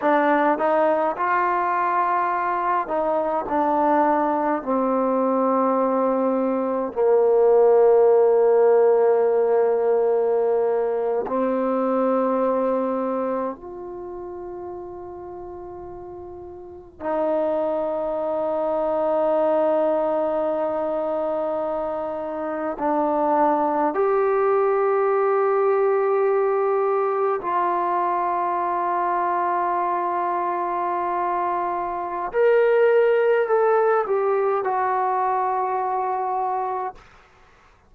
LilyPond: \new Staff \with { instrumentName = "trombone" } { \time 4/4 \tempo 4 = 52 d'8 dis'8 f'4. dis'8 d'4 | c'2 ais2~ | ais4.~ ais16 c'2 f'16~ | f'2~ f'8. dis'4~ dis'16~ |
dis'2.~ dis'8. d'16~ | d'8. g'2. f'16~ | f'1 | ais'4 a'8 g'8 fis'2 | }